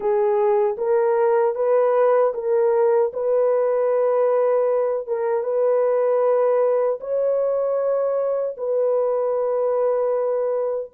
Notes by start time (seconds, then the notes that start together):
0.00 G#4
0.77 A#4
1.55 B4
2.34 A#4
3.13 B4
5.07 A#4
5.43 B4
7.00 C#5
8.57 B4